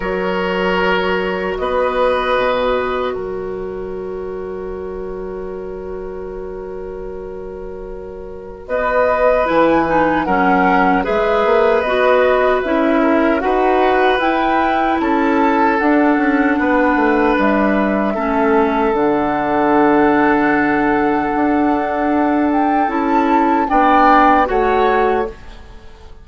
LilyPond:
<<
  \new Staff \with { instrumentName = "flute" } { \time 4/4 \tempo 4 = 76 cis''2 dis''2 | cis''1~ | cis''2. dis''4 | gis''4 fis''4 e''4 dis''4 |
e''4 fis''4 g''4 a''4 | fis''2 e''2 | fis''1~ | fis''8 g''8 a''4 g''4 fis''4 | }
  \new Staff \with { instrumentName = "oboe" } { \time 4/4 ais'2 b'2 | ais'1~ | ais'2. b'4~ | b'4 ais'4 b'2~ |
b'8 ais'8 b'2 a'4~ | a'4 b'2 a'4~ | a'1~ | a'2 d''4 cis''4 | }
  \new Staff \with { instrumentName = "clarinet" } { \time 4/4 fis'1~ | fis'1~ | fis'1 | e'8 dis'8 cis'4 gis'4 fis'4 |
e'4 fis'4 e'2 | d'2. cis'4 | d'1~ | d'4 e'4 d'4 fis'4 | }
  \new Staff \with { instrumentName = "bassoon" } { \time 4/4 fis2 b4 b,4 | fis1~ | fis2. b4 | e4 fis4 gis8 ais8 b4 |
cis'4 dis'4 e'4 cis'4 | d'8 cis'8 b8 a8 g4 a4 | d2. d'4~ | d'4 cis'4 b4 a4 | }
>>